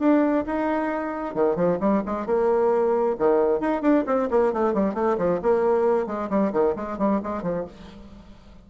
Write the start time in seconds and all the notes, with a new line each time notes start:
0.00 D4
0.47 D#4
1.35 D#3
1.56 F3
1.81 G3
2.06 G#3
2.27 A#3
3.19 D#3
3.60 D#4
3.82 D4
4.07 C4
4.31 A#3
4.53 A3
4.74 G3
4.95 A3
5.18 F3
5.43 A#3
6.07 G#3
6.30 G3
6.53 D#3
6.76 G#3
6.99 G3
7.23 G#3
7.43 F3